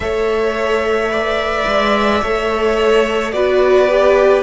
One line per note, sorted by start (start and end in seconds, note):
0.00 1.64 A3
0.00 1.09 A4
0.00 1.12 C#5
0.00 3.31 E5
1.09 2.20 B4
1.09 2.22 D5
1.67 2.22 G#3
2.22 3.32 A3
2.22 3.33 A4
2.22 3.33 C#5
3.31 4.43 B3
3.31 3.88 F#4
3.31 4.43 B4
3.31 4.43 D5
3.89 4.43 G4